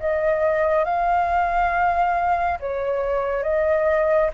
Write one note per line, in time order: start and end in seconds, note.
0.00 0.85 D#5
0.85 2.58 F5
2.60 3.43 C#5
3.43 4.30 D#5